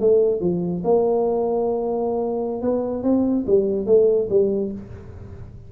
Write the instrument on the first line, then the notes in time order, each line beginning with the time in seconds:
tuba
0.00 A3
0.41 F3
0.84 A#3
2.62 B3
3.03 C4
3.47 G3
3.86 A3
4.29 G3